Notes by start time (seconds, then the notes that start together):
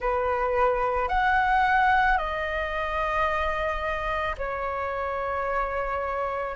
0.00 B4
1.08 F#5
2.17 D#5
4.37 C#5